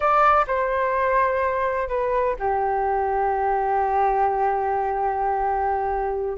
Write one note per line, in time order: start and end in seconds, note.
0.00 0.45 D5
0.47 1.88 C5
1.88 2.35 B4
2.39 6.37 G4